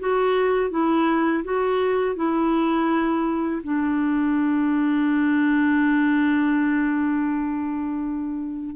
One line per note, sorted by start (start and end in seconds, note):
0.00 0.71 F#4
0.71 1.44 E4
1.44 2.16 F#4
2.16 3.63 E4
3.64 8.76 D4